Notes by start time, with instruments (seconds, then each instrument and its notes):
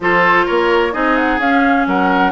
0.00 bassoon F3, clarinet F4, oboe A4, flute C5
0.45 bassoon A#3, oboe A#4, flute C#5
0.92 bassoon C4, clarinet D#4, oboe G#4, flute D#5
1.16 flute F#5
1.38 bassoon C#4, clarinet C#4, flute F5
1.87 bassoon F#3, oboe A#4, flute F#5